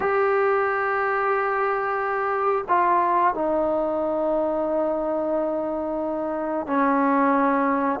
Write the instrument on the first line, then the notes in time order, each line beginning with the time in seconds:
trombone
0.00 G4
2.68 F4
3.34 D#4
6.66 C#4